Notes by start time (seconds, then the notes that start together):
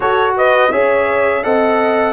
0.00 F#4 A4 C#5
0.36 B4 D#5
0.71 C#4 G#4 C#5 E5
1.43 C4 A4 D#5 F#5